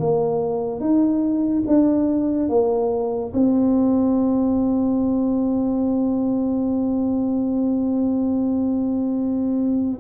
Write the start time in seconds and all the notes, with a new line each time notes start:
0.00 A#3
0.80 D#4
1.67 D4
2.50 A#3
3.34 C4